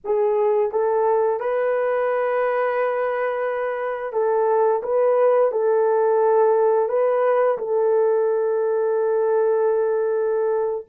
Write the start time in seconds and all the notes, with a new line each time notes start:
0.04 G#4
0.71 A4
1.39 B4
4.13 A4
4.82 B4
5.51 A4
6.88 B4
7.57 A4